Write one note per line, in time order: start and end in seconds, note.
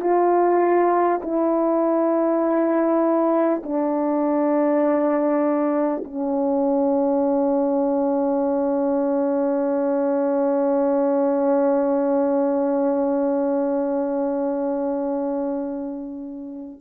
0.00 1.20 F4
1.22 3.62 E4
3.63 6.03 D4
6.04 16.81 C#4